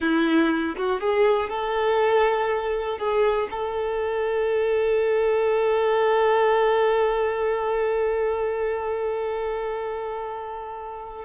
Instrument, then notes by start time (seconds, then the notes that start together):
violin
0.00 E4
0.76 F#4
1.00 G#4
1.49 A4
2.98 G#4
3.50 A4